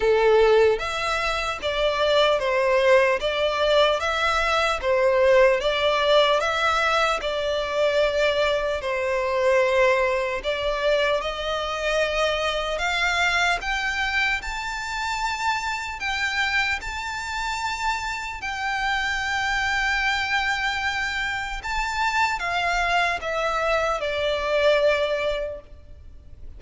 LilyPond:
\new Staff \with { instrumentName = "violin" } { \time 4/4 \tempo 4 = 75 a'4 e''4 d''4 c''4 | d''4 e''4 c''4 d''4 | e''4 d''2 c''4~ | c''4 d''4 dis''2 |
f''4 g''4 a''2 | g''4 a''2 g''4~ | g''2. a''4 | f''4 e''4 d''2 | }